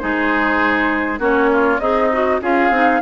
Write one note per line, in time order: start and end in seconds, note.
0.00 1.20 G#3
0.00 1.19 D#4
0.00 1.20 G#4
0.00 1.20 C5
1.19 1.79 A#3
1.19 1.79 C#4
1.19 1.50 F#4
1.19 1.80 C#5
1.53 1.81 F4
1.80 2.41 C4
1.80 2.41 D#4
1.80 2.11 G#4
1.80 2.40 D#5
2.13 2.42 F#4
2.42 2.71 C#4
2.42 2.72 F4
2.42 3.02 G#4
2.42 3.02 F5
2.71 3.01 C4
2.71 3.02 D#4